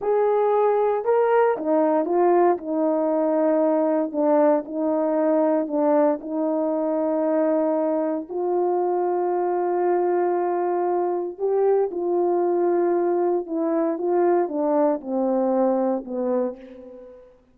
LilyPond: \new Staff \with { instrumentName = "horn" } { \time 4/4 \tempo 4 = 116 gis'2 ais'4 dis'4 | f'4 dis'2. | d'4 dis'2 d'4 | dis'1 |
f'1~ | f'2 g'4 f'4~ | f'2 e'4 f'4 | d'4 c'2 b4 | }